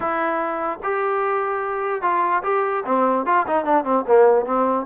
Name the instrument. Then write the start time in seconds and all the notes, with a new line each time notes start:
trombone
0.00 E4
0.83 G4
2.01 F4
2.43 G4
2.85 C4
3.25 F4
3.47 D#4
3.64 D4
3.84 C4
4.07 A#3
4.45 C4